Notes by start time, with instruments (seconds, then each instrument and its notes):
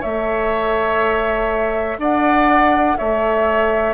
0.00 bassoon A3, clarinet A4, oboe C#5, flute E5
1.98 bassoon D4, oboe D5, flute F#5
2.97 bassoon A3, oboe C#5, flute E5